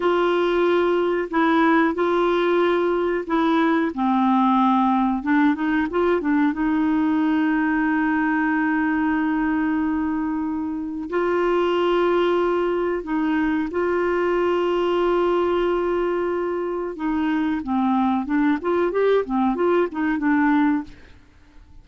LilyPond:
\new Staff \with { instrumentName = "clarinet" } { \time 4/4 \tempo 4 = 92 f'2 e'4 f'4~ | f'4 e'4 c'2 | d'8 dis'8 f'8 d'8 dis'2~ | dis'1~ |
dis'4 f'2. | dis'4 f'2.~ | f'2 dis'4 c'4 | d'8 f'8 g'8 c'8 f'8 dis'8 d'4 | }